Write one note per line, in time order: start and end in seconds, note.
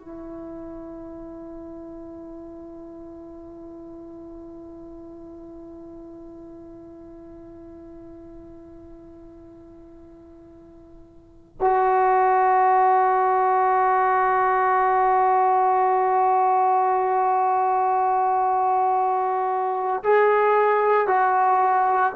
0.00 11.58 E4
11.61 20.03 F#4
20.04 21.08 G#4
21.08 22.13 F#4